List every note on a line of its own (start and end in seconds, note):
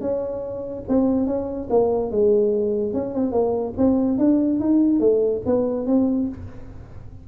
0.00 0.83 C#4
0.88 1.26 C4
1.26 1.68 C#4
1.69 2.11 A#3
2.11 2.93 G#3
2.93 3.14 C#4
3.14 3.31 C4
3.31 3.73 A#3
3.77 4.18 C4
4.18 4.59 D4
4.59 5.00 D#4
5.00 5.41 A3
5.45 5.86 B3
5.86 6.28 C4